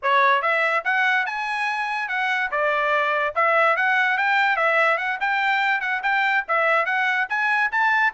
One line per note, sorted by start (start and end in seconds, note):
0.02 0.42 C#5
0.42 0.83 E5
0.84 1.25 F#5
1.25 2.08 G#5
2.08 2.50 F#5
2.51 3.34 D5
3.35 3.76 E5
3.76 4.17 F#5
4.17 4.56 G5
4.56 4.97 E5
4.97 5.18 F#5
5.20 5.80 G5
5.80 6.01 F#5
6.02 6.44 G5
6.48 6.85 E5
6.85 7.27 F#5
7.29 7.70 G#5
7.71 8.13 A5